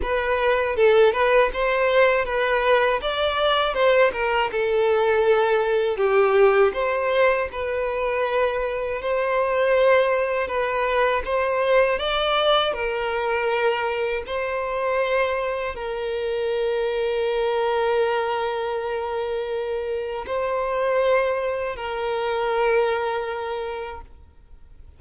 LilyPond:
\new Staff \with { instrumentName = "violin" } { \time 4/4 \tempo 4 = 80 b'4 a'8 b'8 c''4 b'4 | d''4 c''8 ais'8 a'2 | g'4 c''4 b'2 | c''2 b'4 c''4 |
d''4 ais'2 c''4~ | c''4 ais'2.~ | ais'2. c''4~ | c''4 ais'2. | }